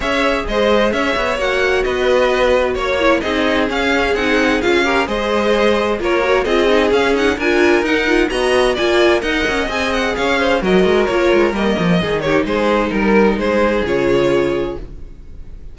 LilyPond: <<
  \new Staff \with { instrumentName = "violin" } { \time 4/4 \tempo 4 = 130 e''4 dis''4 e''4 fis''4 | dis''2 cis''4 dis''4 | f''4 fis''4 f''4 dis''4~ | dis''4 cis''4 dis''4 f''8 fis''8 |
gis''4 fis''4 ais''4 gis''4 | fis''4 gis''8 fis''8 f''4 dis''4 | cis''4 dis''4. cis''8 c''4 | ais'4 c''4 cis''2 | }
  \new Staff \with { instrumentName = "violin" } { \time 4/4 cis''4 c''4 cis''2 | b'2 cis''4 gis'4~ | gis'2~ gis'8 ais'8 c''4~ | c''4 ais'4 gis'2 |
ais'2 dis''4 d''4 | dis''2 cis''8 c''8 ais'4~ | ais'2 gis'8 g'8 gis'4 | ais'4 gis'2. | }
  \new Staff \with { instrumentName = "viola" } { \time 4/4 gis'2. fis'4~ | fis'2~ fis'8 e'8 dis'4 | cis'4 dis'4 f'8 g'8 gis'4~ | gis'4 f'8 fis'8 f'8 dis'8 cis'8 dis'8 |
f'4 dis'8 f'8 fis'4 f'4 | ais'4 gis'2 fis'4 | f'4 ais4 dis'2~ | dis'2 f'2 | }
  \new Staff \with { instrumentName = "cello" } { \time 4/4 cis'4 gis4 cis'8 b8 ais4 | b2 ais4 c'4 | cis'4 c'4 cis'4 gis4~ | gis4 ais4 c'4 cis'4 |
d'4 dis'4 b4 ais4 | dis'8 cis'8 c'4 cis'4 fis8 gis8 | ais8 gis8 g8 f8 dis4 gis4 | g4 gis4 cis2 | }
>>